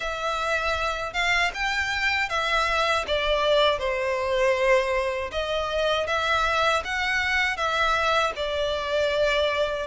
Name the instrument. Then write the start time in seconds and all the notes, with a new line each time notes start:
violin
0.00 E5
1.13 F5
1.54 G5
2.29 E5
3.07 D5
3.78 C5
5.31 D#5
6.07 E5
6.84 F#5
7.56 E5
8.35 D5